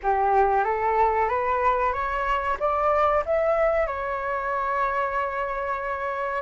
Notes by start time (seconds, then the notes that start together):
0.02 G4
0.64 A4
1.28 B4
1.92 C#5
2.59 D5
3.25 E5
3.87 C#5